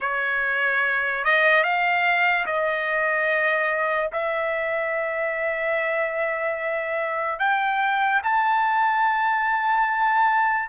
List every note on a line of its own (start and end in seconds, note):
0.00 1.24 C#5
1.24 1.63 D#5
1.63 2.45 F5
2.45 4.10 D#5
4.12 7.39 E5
7.39 8.21 G5
8.23 10.68 A5